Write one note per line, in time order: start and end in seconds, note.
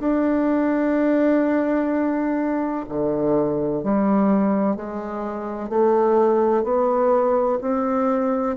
0.00 2.86 D4
2.89 3.84 D3
3.84 4.77 G3
4.77 5.70 G#3
5.70 6.64 A3
6.64 7.59 B3
7.61 8.57 C4